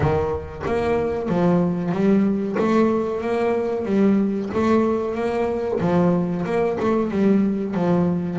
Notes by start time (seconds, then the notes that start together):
0.00 D#3
0.66 A#3
1.28 F3
1.91 G3
2.58 A3
3.21 A#3
3.85 G3
4.53 A3
5.14 A#3
5.80 F3
6.45 A#3
6.79 A3
7.10 G3
7.74 F3